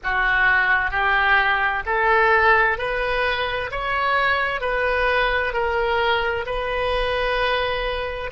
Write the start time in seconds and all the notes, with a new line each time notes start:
0.03 F#4
0.91 G4
1.86 A4
2.78 B4
3.71 C#5
4.61 B4
5.53 A#4
6.46 B4